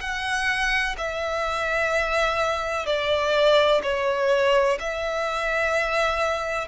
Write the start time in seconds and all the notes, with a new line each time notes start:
0.00 F#5
0.97 E5
2.86 D5
3.83 C#5
4.80 E5